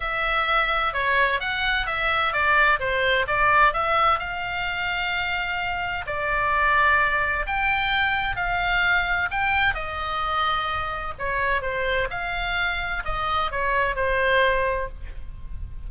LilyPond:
\new Staff \with { instrumentName = "oboe" } { \time 4/4 \tempo 4 = 129 e''2 cis''4 fis''4 | e''4 d''4 c''4 d''4 | e''4 f''2.~ | f''4 d''2. |
g''2 f''2 | g''4 dis''2. | cis''4 c''4 f''2 | dis''4 cis''4 c''2 | }